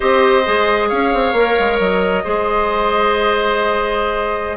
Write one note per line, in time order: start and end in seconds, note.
0.00 0.46 C4
0.00 0.43 G4
0.00 0.88 C5
0.00 0.89 D#5
0.45 0.91 G#3
0.45 1.34 G#4
0.88 1.13 C#4
0.88 2.23 C#5
0.88 1.78 F5
1.13 1.33 C4
1.33 1.55 A#3
1.33 2.24 A#4
1.59 1.79 G#3
1.79 2.24 F#3
1.79 4.57 D#5
2.24 4.57 G#3
2.24 4.57 G#4
2.24 4.57 C5